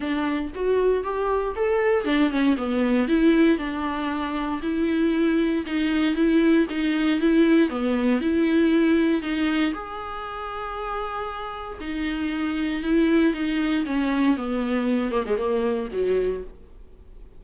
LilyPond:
\new Staff \with { instrumentName = "viola" } { \time 4/4 \tempo 4 = 117 d'4 fis'4 g'4 a'4 | d'8 cis'8 b4 e'4 d'4~ | d'4 e'2 dis'4 | e'4 dis'4 e'4 b4 |
e'2 dis'4 gis'4~ | gis'2. dis'4~ | dis'4 e'4 dis'4 cis'4 | b4. ais16 gis16 ais4 fis4 | }